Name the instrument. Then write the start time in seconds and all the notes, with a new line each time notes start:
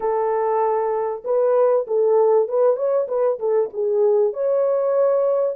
horn
0.00 A4
1.24 B4
1.87 A4
2.48 B4
2.76 C#5
3.08 B4
3.39 A4
3.73 G#4
4.33 C#5